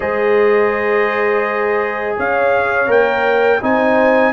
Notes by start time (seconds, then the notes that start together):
0.00 G#3 G#4 C5 D#5
2.16 C#4 C#5 F5
2.86 A#3 A#4 G5
3.61 C4 D#4 C5 G#5